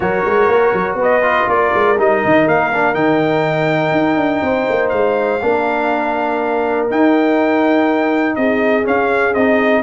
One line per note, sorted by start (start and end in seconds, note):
0.00 0.24 F#3
0.00 1.22 F#4
0.00 0.99 A#4
0.00 0.96 C#5
0.25 0.47 G#3
0.47 0.72 A#3
0.73 0.94 F#3
0.94 1.43 B3
0.94 1.48 B4
1.02 1.49 D#5
1.22 1.95 F4
1.47 1.72 A#3
1.47 4.44 A#4
1.47 1.98 D5
1.74 1.97 G#3
1.97 2.22 G3
1.97 2.72 D#4
1.97 2.48 D#5
2.25 2.47 D#3
2.47 2.94 A#3
2.47 2.94 F5
2.72 2.94 D4
2.94 3.91 D#3
2.94 5.40 D#4
2.94 4.89 G5
3.91 4.16 D#4
4.16 4.41 D4
4.42 4.66 C4
4.42 5.42 C5
4.68 4.92 A#3
4.89 5.41 G#3
4.89 6.86 F5
5.41 6.90 A#3
5.41 6.89 D4
5.41 8.37 A#4
6.89 8.84 D#4
6.89 8.36 D#4
6.89 8.35 G5
8.35 8.86 C4
8.35 9.82 G#4
8.35 8.85 D#5
8.84 9.33 C#4
8.84 9.34 C#4
8.84 9.34 F5
9.34 9.82 C4
9.34 9.82 D#4
9.34 9.82 D#5